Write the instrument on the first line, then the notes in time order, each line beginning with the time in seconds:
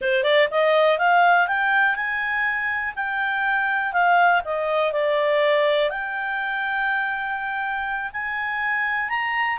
clarinet
0.01 C5
0.23 D5
0.51 D#5
0.98 F5
1.47 G5
1.95 G#5
2.95 G5
3.92 F5
4.44 D#5
4.92 D5
5.89 G5
8.12 G#5
9.09 A#5